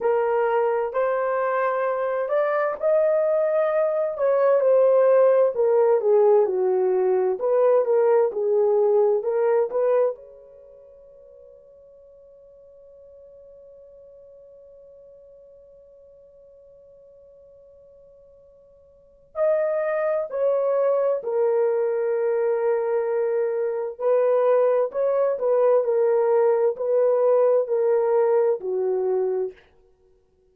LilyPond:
\new Staff \with { instrumentName = "horn" } { \time 4/4 \tempo 4 = 65 ais'4 c''4. d''8 dis''4~ | dis''8 cis''8 c''4 ais'8 gis'8 fis'4 | b'8 ais'8 gis'4 ais'8 b'8 cis''4~ | cis''1~ |
cis''1~ | cis''4 dis''4 cis''4 ais'4~ | ais'2 b'4 cis''8 b'8 | ais'4 b'4 ais'4 fis'4 | }